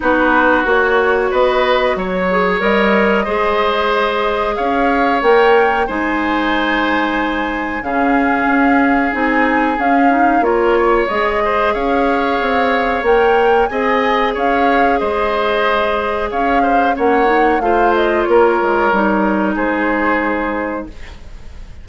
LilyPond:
<<
  \new Staff \with { instrumentName = "flute" } { \time 4/4 \tempo 4 = 92 b'4 cis''4 dis''4 cis''4 | dis''2. f''4 | g''4 gis''2. | f''2 gis''4 f''4 |
cis''4 dis''4 f''2 | g''4 gis''4 f''4 dis''4~ | dis''4 f''4 fis''4 f''8 dis''8 | cis''2 c''2 | }
  \new Staff \with { instrumentName = "oboe" } { \time 4/4 fis'2 b'4 cis''4~ | cis''4 c''2 cis''4~ | cis''4 c''2. | gis'1 |
ais'8 cis''4 c''8 cis''2~ | cis''4 dis''4 cis''4 c''4~ | c''4 cis''8 c''8 cis''4 c''4 | ais'2 gis'2 | }
  \new Staff \with { instrumentName = "clarinet" } { \time 4/4 dis'4 fis'2~ fis'8 gis'8 | ais'4 gis'2. | ais'4 dis'2. | cis'2 dis'4 cis'8 dis'8 |
f'4 gis'2. | ais'4 gis'2.~ | gis'2 cis'8 dis'8 f'4~ | f'4 dis'2. | }
  \new Staff \with { instrumentName = "bassoon" } { \time 4/4 b4 ais4 b4 fis4 | g4 gis2 cis'4 | ais4 gis2. | cis4 cis'4 c'4 cis'4 |
ais4 gis4 cis'4 c'4 | ais4 c'4 cis'4 gis4~ | gis4 cis'4 ais4 a4 | ais8 gis8 g4 gis2 | }
>>